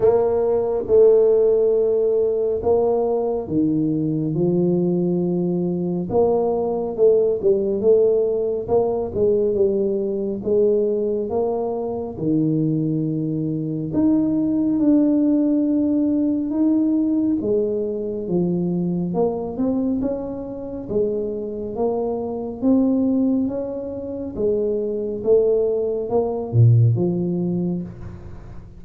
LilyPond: \new Staff \with { instrumentName = "tuba" } { \time 4/4 \tempo 4 = 69 ais4 a2 ais4 | dis4 f2 ais4 | a8 g8 a4 ais8 gis8 g4 | gis4 ais4 dis2 |
dis'4 d'2 dis'4 | gis4 f4 ais8 c'8 cis'4 | gis4 ais4 c'4 cis'4 | gis4 a4 ais8 ais,8 f4 | }